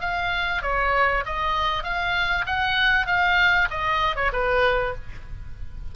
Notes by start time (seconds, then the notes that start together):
0.00 F5
0.62 C#5
1.25 D#5
1.83 F5
2.46 F#5
3.06 F5
3.70 D#5
4.16 C#5
4.32 B4